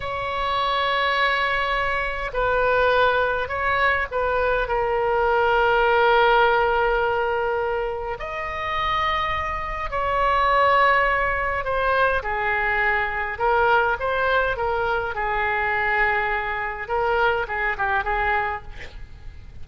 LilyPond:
\new Staff \with { instrumentName = "oboe" } { \time 4/4 \tempo 4 = 103 cis''1 | b'2 cis''4 b'4 | ais'1~ | ais'2 dis''2~ |
dis''4 cis''2. | c''4 gis'2 ais'4 | c''4 ais'4 gis'2~ | gis'4 ais'4 gis'8 g'8 gis'4 | }